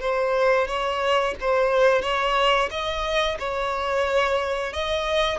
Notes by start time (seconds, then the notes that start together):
0.00 C5
0.67 C#5
1.40 C5
2.02 C#5
2.70 D#5
3.39 C#5
4.73 D#5